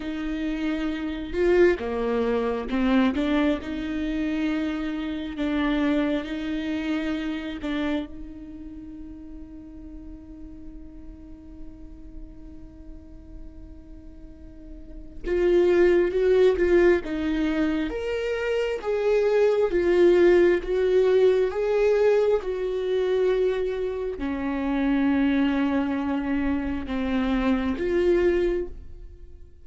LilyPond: \new Staff \with { instrumentName = "viola" } { \time 4/4 \tempo 4 = 67 dis'4. f'8 ais4 c'8 d'8 | dis'2 d'4 dis'4~ | dis'8 d'8 dis'2.~ | dis'1~ |
dis'4 f'4 fis'8 f'8 dis'4 | ais'4 gis'4 f'4 fis'4 | gis'4 fis'2 cis'4~ | cis'2 c'4 f'4 | }